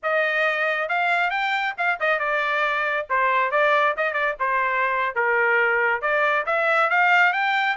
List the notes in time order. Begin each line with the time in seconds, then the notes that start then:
0.02 D#5
0.89 F5
1.30 G5
1.77 F5
2.00 D#5
2.19 D5
3.09 C5
3.51 D5
3.96 D#5
4.13 D5
4.39 C5
5.15 A#4
6.01 D5
6.46 E5
6.90 F5
7.32 G5